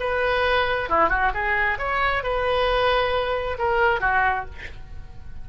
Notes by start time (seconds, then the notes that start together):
0.00 B4
0.89 E4
1.09 F#4
1.34 G#4
1.78 C#5
2.23 B4
3.58 A#4
4.00 F#4